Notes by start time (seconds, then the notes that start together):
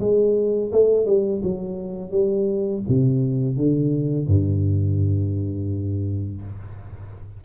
0.00 G#3
0.72 A3
1.06 G3
1.43 F#3
2.11 G3
2.88 C3
3.57 D3
4.27 G2